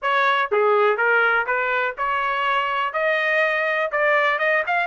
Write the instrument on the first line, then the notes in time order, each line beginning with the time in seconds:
trumpet
0.01 C#5
0.51 G#4
0.97 A#4
1.46 B4
1.97 C#5
2.93 D#5
3.91 D5
4.38 D#5
4.66 F5